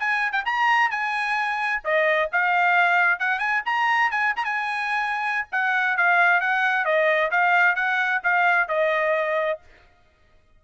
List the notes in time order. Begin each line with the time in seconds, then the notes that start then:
0.00 G#5
0.33 G5
0.46 A#5
0.91 G#5
1.84 D#5
2.33 F5
3.20 F#5
3.40 G#5
3.66 A#5
4.11 G#5
4.37 A#5
4.45 G#5
5.52 F#5
5.97 F5
6.41 F#5
6.85 D#5
7.32 F5
7.76 F#5
8.24 F5
8.69 D#5